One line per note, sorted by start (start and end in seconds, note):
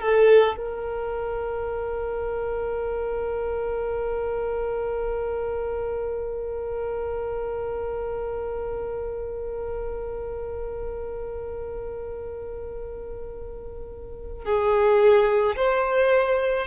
0.00 0.56 A4
0.57 14.44 A#4
14.44 15.56 G#4
15.56 16.67 C5